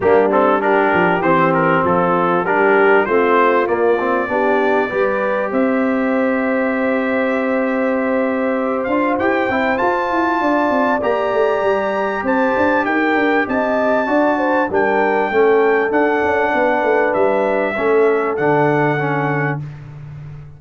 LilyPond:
<<
  \new Staff \with { instrumentName = "trumpet" } { \time 4/4 \tempo 4 = 98 g'8 a'8 ais'4 c''8 ais'8 a'4 | ais'4 c''4 d''2~ | d''4 e''2.~ | e''2~ e''8 f''8 g''4 |
a''2 ais''2 | a''4 g''4 a''2 | g''2 fis''2 | e''2 fis''2 | }
  \new Staff \with { instrumentName = "horn" } { \time 4/4 d'4 g'2 f'4 | g'4 f'2 g'4 | b'4 c''2.~ | c''1~ |
c''4 d''2. | c''4 ais'4 dis''4 d''8 c''8 | ais'4 a'2 b'4~ | b'4 a'2. | }
  \new Staff \with { instrumentName = "trombone" } { \time 4/4 ais8 c'8 d'4 c'2 | d'4 c'4 ais8 c'8 d'4 | g'1~ | g'2~ g'8 f'8 g'8 e'8 |
f'2 g'2~ | g'2. fis'4 | d'4 cis'4 d'2~ | d'4 cis'4 d'4 cis'4 | }
  \new Staff \with { instrumentName = "tuba" } { \time 4/4 g4. f8 e4 f4 | g4 a4 ais4 b4 | g4 c'2.~ | c'2~ c'8 d'8 e'8 c'8 |
f'8 e'8 d'8 c'8 ais8 a8 g4 | c'8 d'8 dis'8 d'8 c'4 d'4 | g4 a4 d'8 cis'8 b8 a8 | g4 a4 d2 | }
>>